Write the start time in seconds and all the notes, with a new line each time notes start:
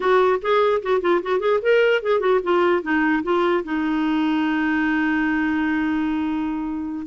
0.00 F#4
0.42 G#4
0.82 F#4
1.01 F4
1.22 F#4
1.39 G#4
1.62 A#4
2.02 G#4
2.19 F#4
2.43 F4
2.82 D#4
3.23 F4
3.64 D#4